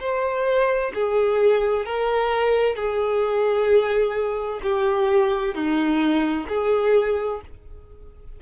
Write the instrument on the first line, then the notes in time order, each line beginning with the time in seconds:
violin
0.00 C5
0.95 G#4
1.86 A#4
2.76 G#4
4.63 G4
5.55 D#4
6.49 G#4